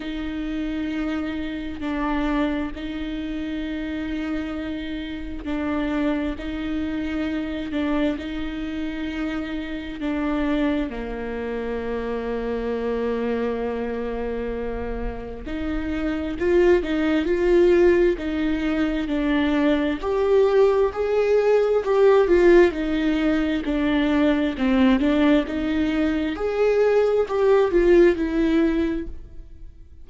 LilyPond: \new Staff \with { instrumentName = "viola" } { \time 4/4 \tempo 4 = 66 dis'2 d'4 dis'4~ | dis'2 d'4 dis'4~ | dis'8 d'8 dis'2 d'4 | ais1~ |
ais4 dis'4 f'8 dis'8 f'4 | dis'4 d'4 g'4 gis'4 | g'8 f'8 dis'4 d'4 c'8 d'8 | dis'4 gis'4 g'8 f'8 e'4 | }